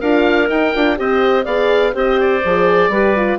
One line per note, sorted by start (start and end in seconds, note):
0.00 0.50 D4
0.00 0.48 F4
0.00 0.97 A#4
0.00 0.49 F5
0.48 0.72 D#4
0.48 0.74 D#4
0.48 0.99 G5
0.75 0.99 D4
0.75 0.96 F4
0.96 1.46 C4
0.96 1.45 G4
0.96 1.44 C5
0.96 1.46 D#5
1.44 1.94 B3
1.44 1.93 G#4
1.44 1.93 D5
1.44 1.94 F5
1.93 2.43 C4
1.93 2.42 G4
1.93 2.90 C5
1.93 2.20 D#5
2.20 3.39 D5
2.45 2.89 F3
2.45 2.93 G#4
2.89 3.37 G3
2.89 3.17 G4
2.89 3.39 B4
3.17 3.39 F4